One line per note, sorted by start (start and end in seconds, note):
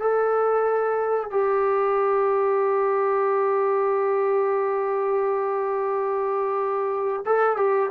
0.00 1.31 A4
1.31 7.24 G4
7.26 7.57 A4
7.57 7.90 G4